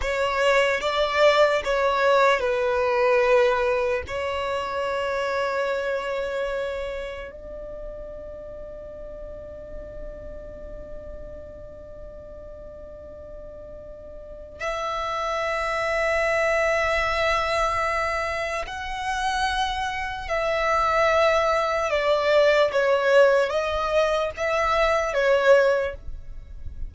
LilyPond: \new Staff \with { instrumentName = "violin" } { \time 4/4 \tempo 4 = 74 cis''4 d''4 cis''4 b'4~ | b'4 cis''2.~ | cis''4 d''2.~ | d''1~ |
d''2 e''2~ | e''2. fis''4~ | fis''4 e''2 d''4 | cis''4 dis''4 e''4 cis''4 | }